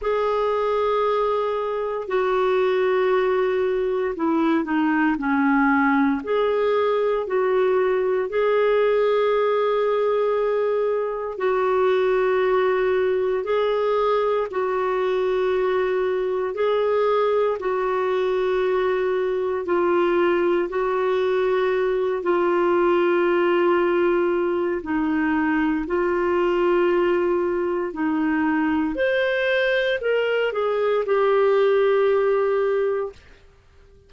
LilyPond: \new Staff \with { instrumentName = "clarinet" } { \time 4/4 \tempo 4 = 58 gis'2 fis'2 | e'8 dis'8 cis'4 gis'4 fis'4 | gis'2. fis'4~ | fis'4 gis'4 fis'2 |
gis'4 fis'2 f'4 | fis'4. f'2~ f'8 | dis'4 f'2 dis'4 | c''4 ais'8 gis'8 g'2 | }